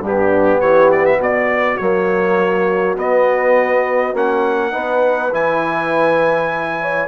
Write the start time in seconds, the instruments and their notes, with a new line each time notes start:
0.00 bassoon G2, trombone B3, horn D4
0.07 trumpet G4
0.59 bassoon E3, horn G4, trumpet C#5
0.92 trumpet D5
1.06 trumpet E5
1.19 bassoon B2, horn F#4, trumpet D5
1.78 bassoon F#3, trombone A#3, trumpet C#5
2.97 bassoon B3, trombone B3, trumpet D#5
4.14 bassoon A#3, trombone C#4, trumpet F#5
4.71 bassoon B3, trombone D#4, horn B4
5.32 bassoon E3, trombone E4, trumpet G#5
6.81 horn C#5